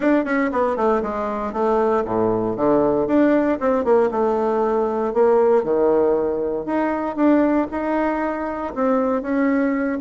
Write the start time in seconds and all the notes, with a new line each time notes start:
0.00 D4
0.24 C#4
0.52 B3
0.76 A3
1.02 G#3
1.52 A3
2.05 A2
2.56 D3
3.07 D4
3.60 C4
3.84 A#3
4.11 A3
5.13 A#3
5.63 D#3
6.65 D#4
7.16 D4
7.71 D#4
8.74 C4
9.22 C#4